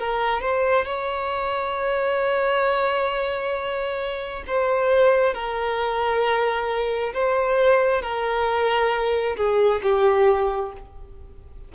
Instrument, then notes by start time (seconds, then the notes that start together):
violin
0.00 A#4
0.42 C5
0.86 C#5
4.48 C5
5.35 A#4
7.14 C5
8.02 A#4
9.37 G#4
9.83 G4